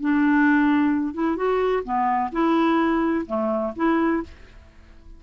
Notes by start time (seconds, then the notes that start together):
0.00 D4
1.14 E4
1.36 F#4
1.84 B3
2.32 E4
3.26 A3
3.76 E4